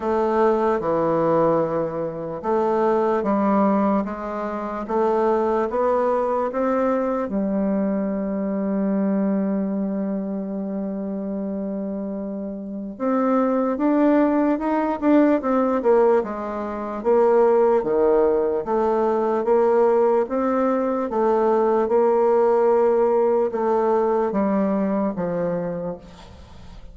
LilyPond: \new Staff \with { instrumentName = "bassoon" } { \time 4/4 \tempo 4 = 74 a4 e2 a4 | g4 gis4 a4 b4 | c'4 g2.~ | g1 |
c'4 d'4 dis'8 d'8 c'8 ais8 | gis4 ais4 dis4 a4 | ais4 c'4 a4 ais4~ | ais4 a4 g4 f4 | }